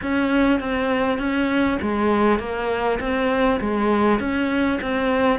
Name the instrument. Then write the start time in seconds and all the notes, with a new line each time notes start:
cello
0.02 C#4
0.60 C4
1.18 C#4
1.81 G#3
2.39 A#3
3.00 C4
3.60 G#3
4.19 C#4
4.81 C4